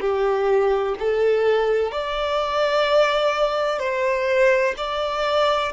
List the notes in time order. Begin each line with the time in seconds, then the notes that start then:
0.00 G4
0.99 A4
1.91 D5
3.79 C5
4.77 D5